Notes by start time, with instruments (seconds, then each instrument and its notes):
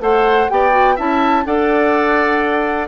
0.00 bassoon A3, clarinet A4, oboe C5, flute F#5
0.49 bassoon B3, clarinet G4, oboe D5, flute G5
0.70 clarinet F#4
0.96 bassoon C#4, clarinet E4, oboe E5, flute A5
1.45 bassoon D4, clarinet A4, oboe D5, flute F#5